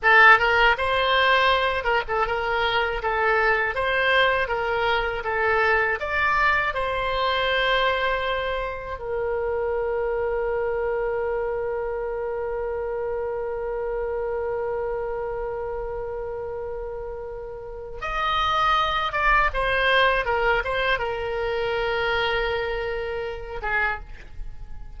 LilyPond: \new Staff \with { instrumentName = "oboe" } { \time 4/4 \tempo 4 = 80 a'8 ais'8 c''4. ais'16 a'16 ais'4 | a'4 c''4 ais'4 a'4 | d''4 c''2. | ais'1~ |
ais'1~ | ais'1 | dis''4. d''8 c''4 ais'8 c''8 | ais'2.~ ais'8 gis'8 | }